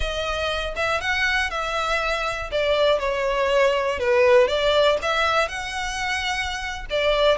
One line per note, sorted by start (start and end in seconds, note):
0.00 0.74 D#5
0.75 1.00 E5
1.00 1.50 F#5
1.50 2.50 E5
2.51 2.99 D5
2.99 3.99 C#5
3.99 4.47 B4
4.47 4.97 D5
5.01 5.48 E5
5.48 6.85 F#5
6.90 7.37 D5